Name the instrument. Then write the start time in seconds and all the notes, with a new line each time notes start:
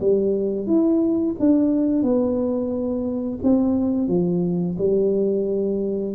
tuba
0.00 G3
0.67 E4
1.39 D4
2.03 B3
3.43 C4
4.08 F3
4.79 G3